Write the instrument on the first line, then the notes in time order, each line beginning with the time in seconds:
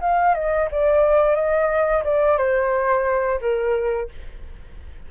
flute
0.00 F5
0.34 D#5
0.71 D5
1.35 D#5
2.04 D5
2.38 C5
3.41 A#4